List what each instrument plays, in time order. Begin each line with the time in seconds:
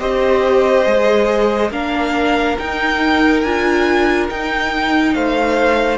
0.00 cello C4, viola G4, violin C5 D#5
0.85 cello G#3, viola G#4
1.71 cello A#3, viola D4, violin A#4 F5
2.59 viola D#4, cello D#4, violin G5
3.41 cello D4, viola F4, violin G#5
4.30 viola D#4, cello D#4, violin G5
5.15 cello A3, violin C5 F5